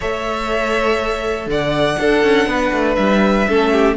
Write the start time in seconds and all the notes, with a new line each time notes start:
0.00 A3 A4 C#5 E5
1.46 D3 D5 F#5
1.98 D4 A4
2.23 C#4
2.46 B3 B4
2.72 A3
2.95 G3 E5
3.48 A3 C#4 A4
3.71 G4